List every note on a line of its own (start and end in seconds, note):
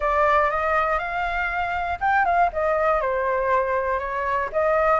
0.00 0.50 D5
0.50 0.98 D#5
0.98 1.98 F5
2.00 2.25 G5
2.25 2.50 F5
2.52 3.00 D#5
3.00 3.99 C5
3.99 4.49 C#5
4.52 5.00 D#5